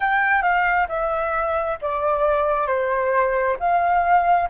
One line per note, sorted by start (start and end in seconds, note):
0.00 0.42 G5
0.42 0.87 F5
0.88 1.77 E5
1.82 2.67 D5
2.67 3.57 C5
3.59 4.49 F5